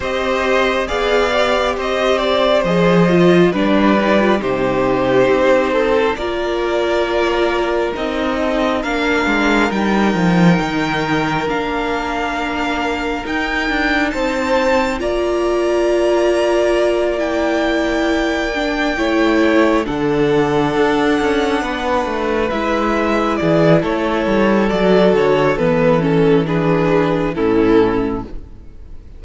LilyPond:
<<
  \new Staff \with { instrumentName = "violin" } { \time 4/4 \tempo 4 = 68 dis''4 f''4 dis''8 d''8 dis''4 | d''4 c''2 d''4~ | d''4 dis''4 f''4 g''4~ | g''4 f''2 g''4 |
a''4 ais''2~ ais''8 g''8~ | g''2~ g''8 fis''4.~ | fis''4. e''4 d''8 cis''4 | d''8 cis''8 b'8 a'8 b'4 a'4 | }
  \new Staff \with { instrumentName = "violin" } { \time 4/4 c''4 d''4 c''2 | b'4 g'4. a'8 ais'4~ | ais'4. a'8 ais'2~ | ais'1 |
c''4 d''2.~ | d''4. cis''4 a'4.~ | a'8 b'2 gis'8 a'4~ | a'2 gis'4 e'4 | }
  \new Staff \with { instrumentName = "viola" } { \time 4/4 g'4 gis'8 g'4. gis'8 f'8 | d'8 dis'16 f'16 dis'2 f'4~ | f'4 dis'4 d'4 dis'4~ | dis'4 d'2 dis'4~ |
dis'4 f'2~ f'8 e'8~ | e'4 d'8 e'4 d'4.~ | d'4. e'2~ e'8 | fis'4 b8 cis'8 d'4 cis'4 | }
  \new Staff \with { instrumentName = "cello" } { \time 4/4 c'4 b4 c'4 f4 | g4 c4 c'4 ais4~ | ais4 c'4 ais8 gis8 g8 f8 | dis4 ais2 dis'8 d'8 |
c'4 ais2.~ | ais4. a4 d4 d'8 | cis'8 b8 a8 gis4 e8 a8 g8 | fis8 d8 e2 a,4 | }
>>